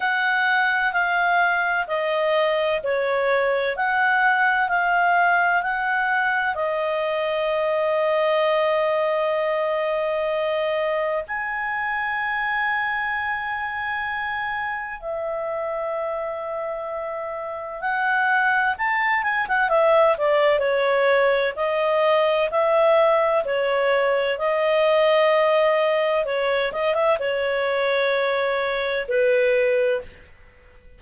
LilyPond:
\new Staff \with { instrumentName = "clarinet" } { \time 4/4 \tempo 4 = 64 fis''4 f''4 dis''4 cis''4 | fis''4 f''4 fis''4 dis''4~ | dis''1 | gis''1 |
e''2. fis''4 | a''8 gis''16 fis''16 e''8 d''8 cis''4 dis''4 | e''4 cis''4 dis''2 | cis''8 dis''16 e''16 cis''2 b'4 | }